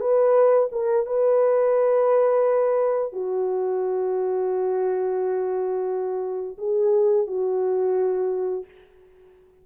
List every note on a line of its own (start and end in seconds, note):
0.00 0.69 B4
0.71 1.06 A#4
1.06 3.13 B4
3.13 6.57 F#4
6.58 7.27 G#4
7.27 8.65 F#4